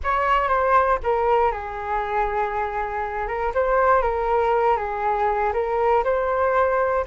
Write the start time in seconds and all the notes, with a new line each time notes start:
0.03 C#5
0.48 C5
1.03 A#4
1.51 G#4
3.27 A#4
3.54 C5
4.02 A#4
4.76 G#4
5.53 A#4
6.04 C5